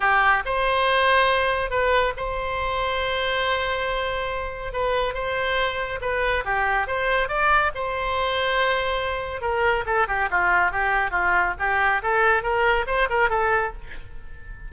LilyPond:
\new Staff \with { instrumentName = "oboe" } { \time 4/4 \tempo 4 = 140 g'4 c''2. | b'4 c''2.~ | c''2. b'4 | c''2 b'4 g'4 |
c''4 d''4 c''2~ | c''2 ais'4 a'8 g'8 | f'4 g'4 f'4 g'4 | a'4 ais'4 c''8 ais'8 a'4 | }